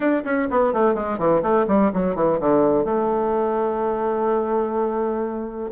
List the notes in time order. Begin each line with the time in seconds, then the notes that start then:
0.00 D4
0.24 C#4
0.50 B3
0.73 A3
0.94 G#3
1.18 E3
1.42 A3
1.67 G3
1.93 F#3
2.15 E3
2.40 D3
2.84 A3